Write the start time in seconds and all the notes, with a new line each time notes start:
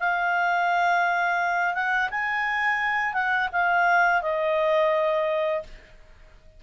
0.00 F5
1.75 F#5
2.11 G#5
3.13 F#5
3.53 F5
4.22 D#5